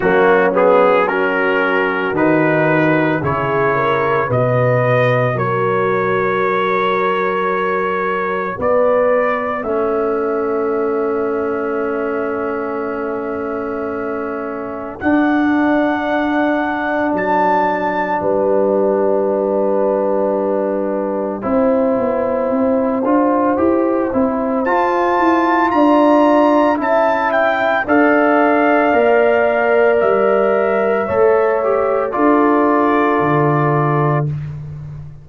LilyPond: <<
  \new Staff \with { instrumentName = "trumpet" } { \time 4/4 \tempo 4 = 56 fis'8 gis'8 ais'4 b'4 cis''4 | dis''4 cis''2. | d''4 e''2.~ | e''2 fis''2 |
a''4 g''2.~ | g''2. a''4 | ais''4 a''8 g''8 f''2 | e''2 d''2 | }
  \new Staff \with { instrumentName = "horn" } { \time 4/4 cis'4 fis'2 gis'8 ais'8 | b'4 ais'2. | b'4 a'2.~ | a'1~ |
a'4 b'2. | c''1 | d''4 e''4 d''2~ | d''4 cis''4 a'2 | }
  \new Staff \with { instrumentName = "trombone" } { \time 4/4 ais8 b8 cis'4 dis'4 e'4 | fis'1~ | fis'4 cis'2.~ | cis'2 d'2~ |
d'1 | e'4. f'8 g'8 e'8 f'4~ | f'4 e'4 a'4 ais'4~ | ais'4 a'8 g'8 f'2 | }
  \new Staff \with { instrumentName = "tuba" } { \time 4/4 fis2 dis4 cis4 | b,4 fis2. | b4 a2.~ | a2 d'2 |
fis4 g2. | c'8 b8 c'8 d'8 e'8 c'8 f'8 e'8 | d'4 cis'4 d'4 ais4 | g4 a4 d'4 d4 | }
>>